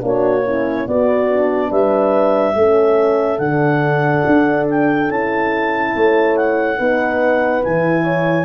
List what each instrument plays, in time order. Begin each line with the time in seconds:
0.00 tuba A#3, horn D4 F#4, clarinet C#5
0.46 horn C#4 E4
0.87 tuba B3, horn B3 F#4, clarinet D5
1.30 horn D4
1.69 tuba G3, horn B4, clarinet E5
2.55 tuba A3, horn C#4 A4
3.39 tuba D3, horn D4, clarinet F#5
4.26 tuba D4
4.70 clarinet G5
5.10 tuba C#4, horn E4, clarinet A5
5.96 tuba A3, horn C#5
6.37 clarinet F#5
6.78 tuba B3, horn D#4 B4
7.62 tuba E3, horn E4, clarinet G#5
8.04 horn C#5